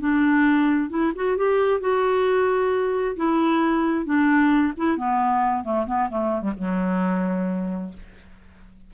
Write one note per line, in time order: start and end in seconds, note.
0.00 0.90 D4
0.90 1.13 E4
1.16 1.37 F#4
1.37 1.81 G4
1.81 3.16 F#4
3.17 4.06 E4
4.06 4.73 D4
4.77 4.97 E4
4.97 5.64 B3
5.64 5.87 A3
5.87 6.10 B3
6.10 6.42 A3
6.42 6.53 G3
6.58 7.94 F#3